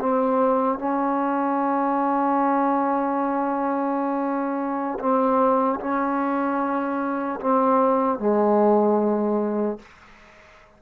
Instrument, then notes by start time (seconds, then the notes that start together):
trombone
0.00 C4
0.79 C#4
5.00 C4
5.80 C#4
7.41 C4
8.19 G#3